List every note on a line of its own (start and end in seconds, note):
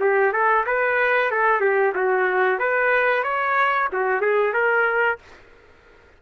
0.00 0.32 G4
0.32 0.65 A4
0.66 1.31 B4
1.31 1.60 A4
1.60 1.93 G4
1.94 2.58 F#4
2.58 3.23 B4
3.23 3.88 C#5
3.92 4.21 F#4
4.21 4.53 G#4
4.53 5.18 A#4